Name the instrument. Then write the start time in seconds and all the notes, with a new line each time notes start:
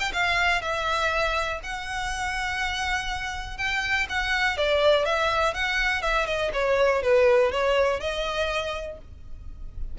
violin
0.00 G5
0.13 F5
0.62 E5
1.63 F#5
3.58 G5
4.10 F#5
4.57 D5
5.05 E5
5.54 F#5
6.02 E5
6.27 D#5
6.53 C#5
7.03 B4
7.52 C#5
8.00 D#5